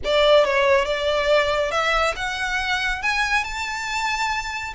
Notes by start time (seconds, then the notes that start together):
0.04 D5
0.44 C#5
0.85 D5
1.71 E5
2.16 F#5
3.02 G#5
3.44 A5